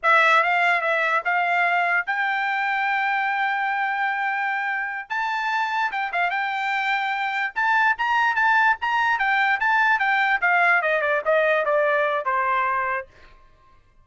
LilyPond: \new Staff \with { instrumentName = "trumpet" } { \time 4/4 \tempo 4 = 147 e''4 f''4 e''4 f''4~ | f''4 g''2.~ | g''1~ | g''8 a''2 g''8 f''8 g''8~ |
g''2~ g''8 a''4 ais''8~ | ais''8 a''4 ais''4 g''4 a''8~ | a''8 g''4 f''4 dis''8 d''8 dis''8~ | dis''8 d''4. c''2 | }